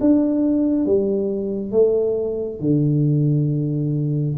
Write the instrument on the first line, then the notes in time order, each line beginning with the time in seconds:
tuba
0.00 D4
0.85 G3
1.71 A3
2.59 D3